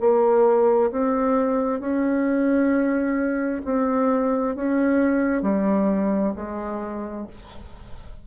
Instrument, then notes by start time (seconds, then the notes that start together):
bassoon
0.00 A#3
0.91 C4
1.80 C#4
3.65 C4
4.56 C#4
5.42 G3
6.36 G#3